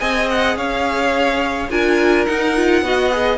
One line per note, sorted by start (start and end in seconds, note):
0.00 0.56 C4
0.00 1.71 G#4
0.00 0.57 D#5
0.00 0.28 G#5
0.31 0.58 F#5
0.56 1.69 C#4
0.56 1.71 C#5
0.56 1.71 F5
1.71 2.27 D4
1.71 2.27 F4
1.71 2.84 A#4
1.71 2.26 G#5
2.26 2.55 D#4
2.26 2.82 D#4
2.26 3.39 F#5
2.57 2.85 F4
2.82 3.39 B3
2.82 3.12 F#4
2.82 3.39 D#5
3.12 3.39 G#4